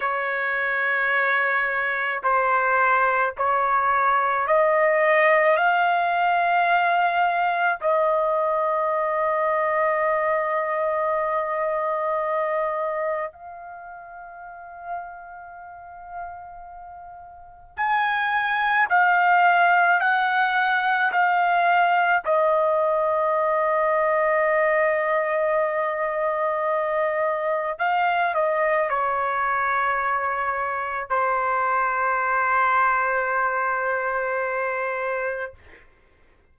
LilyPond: \new Staff \with { instrumentName = "trumpet" } { \time 4/4 \tempo 4 = 54 cis''2 c''4 cis''4 | dis''4 f''2 dis''4~ | dis''1 | f''1 |
gis''4 f''4 fis''4 f''4 | dis''1~ | dis''4 f''8 dis''8 cis''2 | c''1 | }